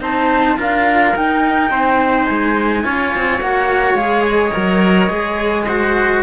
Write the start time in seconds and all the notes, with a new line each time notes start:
0.00 C4 D#4 C5 A5
0.56 D4 F4 A#4 F5
1.15 D#4 G5
1.70 C4 C5
2.25 G#3 G#5
2.83 C#4 F4 C#5
3.15 C4
3.41 A#3 F#4 F#5
3.94 G#3 G#4 F5
4.28 D#5
4.51 F#3 A#4
5.08 G#3 G#4
5.66 F#4 C5